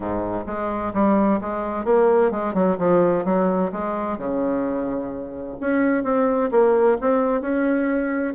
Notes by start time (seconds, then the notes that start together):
0.00 G#2
0.46 G#3
0.93 G3
1.40 G#3
1.85 A#3
2.31 G#3
2.53 F#3
2.78 F3
3.25 F#3
3.71 G#3
4.17 C#3
5.60 C#4
6.03 C4
6.51 A#3
7.00 C4
7.41 C#4